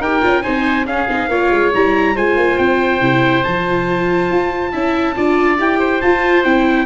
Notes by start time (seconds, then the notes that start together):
0.00 D#4 G4 A#4 G5
0.22 C#4 F4
0.43 C4 D#4 C5 G#5
0.86 C#4 G#4 F5
1.09 C4 D#4
1.28 A#3 F4 C#5
1.51 G#3
1.74 G3 E4 A#5
2.15 G#3 F4 C5 G#5
2.36 A#3
2.58 C4 G5
3.01 C3 E4
3.44 F3 F4 A5
4.31 F4
4.72 C#4 E4 E5
5.16 D4 F4 D5
5.58 E4 G4 G5
5.79 C5
6.01 F4 A5
6.44 C4 E4 G5